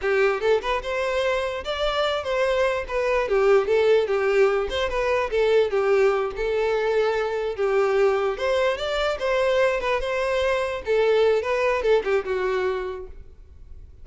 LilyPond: \new Staff \with { instrumentName = "violin" } { \time 4/4 \tempo 4 = 147 g'4 a'8 b'8 c''2 | d''4. c''4. b'4 | g'4 a'4 g'4. c''8 | b'4 a'4 g'4. a'8~ |
a'2~ a'8 g'4.~ | g'8 c''4 d''4 c''4. | b'8 c''2 a'4. | b'4 a'8 g'8 fis'2 | }